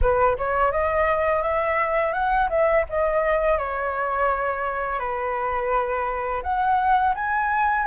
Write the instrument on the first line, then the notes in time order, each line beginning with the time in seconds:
flute
0.01 B4
0.37 C#5
0.71 D#5
1.42 E5
2.13 F#5
2.49 E5
2.89 D#5
3.57 C#5
4.99 B4
6.43 F#5
7.15 G#5